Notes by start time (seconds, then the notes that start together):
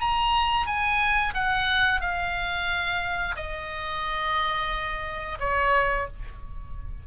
0.00 A#5
0.66 G#5
1.34 F#5
2.01 F5
3.36 D#5
5.40 C#5